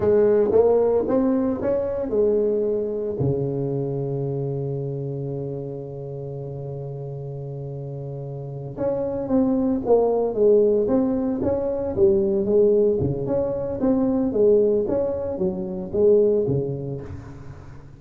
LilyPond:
\new Staff \with { instrumentName = "tuba" } { \time 4/4 \tempo 4 = 113 gis4 ais4 c'4 cis'4 | gis2 cis2~ | cis1~ | cis1~ |
cis8 cis'4 c'4 ais4 gis8~ | gis8 c'4 cis'4 g4 gis8~ | gis8 cis8 cis'4 c'4 gis4 | cis'4 fis4 gis4 cis4 | }